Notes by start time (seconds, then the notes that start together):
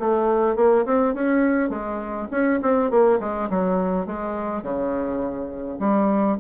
0.00 A3
0.56 A#3
0.86 C4
1.15 C#4
1.70 G#3
2.31 C#4
2.63 C4
2.91 A#3
3.20 G#3
3.50 F#3
4.07 G#3
4.63 C#3
5.80 G3